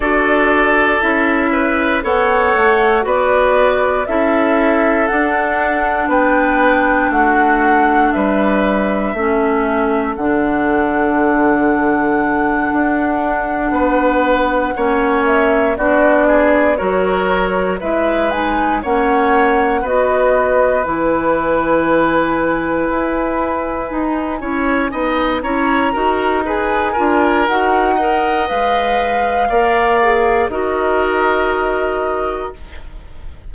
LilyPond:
<<
  \new Staff \with { instrumentName = "flute" } { \time 4/4 \tempo 4 = 59 d''4 e''4 fis''4 d''4 | e''4 fis''4 g''4 fis''4 | e''2 fis''2~ | fis''2. e''8 d''8~ |
d''8 cis''4 e''8 gis''8 fis''4 dis''8~ | dis''8 gis''2.~ gis''8~ | gis''4 ais''4 gis''4 fis''4 | f''2 dis''2 | }
  \new Staff \with { instrumentName = "oboe" } { \time 4/4 a'4. b'8 cis''4 b'4 | a'2 b'4 fis'4 | b'4 a'2.~ | a'4. b'4 cis''4 fis'8 |
gis'8 ais'4 b'4 cis''4 b'8~ | b'1 | cis''8 dis''8 cis''8 ais'8 b'8 ais'4 dis''8~ | dis''4 d''4 ais'2 | }
  \new Staff \with { instrumentName = "clarinet" } { \time 4/4 fis'4 e'4 a'4 fis'4 | e'4 d'2.~ | d'4 cis'4 d'2~ | d'2~ d'8 cis'4 d'8~ |
d'8 fis'4 e'8 dis'8 cis'4 fis'8~ | fis'8 e'2. dis'8 | e'8 dis'8 e'8 fis'8 gis'8 f'8 fis'8 ais'8 | b'4 ais'8 gis'8 fis'2 | }
  \new Staff \with { instrumentName = "bassoon" } { \time 4/4 d'4 cis'4 b8 a8 b4 | cis'4 d'4 b4 a4 | g4 a4 d2~ | d8 d'4 b4 ais4 b8~ |
b8 fis4 gis4 ais4 b8~ | b8 e2 e'4 dis'8 | cis'8 b8 cis'8 dis'4 d'8 dis'4 | gis4 ais4 dis'2 | }
>>